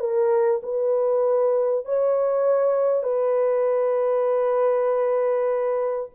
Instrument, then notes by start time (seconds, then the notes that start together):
horn
0.00 A#4
0.63 B4
1.86 C#5
3.04 B4